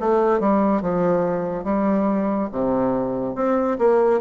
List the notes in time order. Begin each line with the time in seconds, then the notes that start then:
0.00 A3
0.40 G3
0.82 F3
1.64 G3
2.52 C3
3.35 C4
3.78 A#3